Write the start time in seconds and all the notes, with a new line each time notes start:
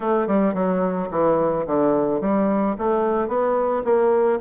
0.00 A3
0.27 G3
0.54 F#3
1.10 E3
1.66 D3
2.20 G3
2.78 A3
3.28 B3
3.84 A#3